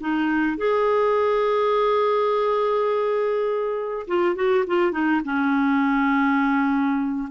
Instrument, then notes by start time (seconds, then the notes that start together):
clarinet
0.00 D#4
0.57 G#4
4.07 F4
4.35 F#4
4.67 F4
4.92 D#4
5.25 C#4